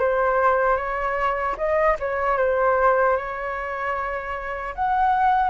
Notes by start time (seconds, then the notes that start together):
0.00 C5
0.77 C#5
1.58 D#5
2.00 C#5
2.38 C5
3.17 C#5
4.75 F#5